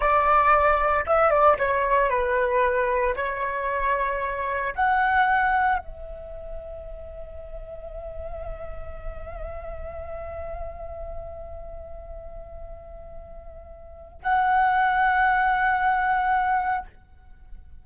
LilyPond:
\new Staff \with { instrumentName = "flute" } { \time 4/4 \tempo 4 = 114 d''2 e''8 d''8 cis''4 | b'2 cis''2~ | cis''4 fis''2 e''4~ | e''1~ |
e''1~ | e''1~ | e''2. fis''4~ | fis''1 | }